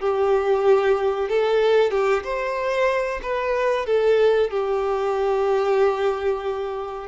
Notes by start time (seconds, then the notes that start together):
0.00 G4
1.29 A4
1.91 G4
2.23 C5
3.22 B4
3.86 A4
4.51 G4